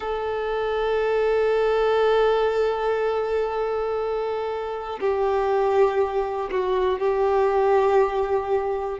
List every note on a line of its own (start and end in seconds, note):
0.00 5.00 A4
5.00 6.50 G4
6.50 6.99 F#4
6.99 8.99 G4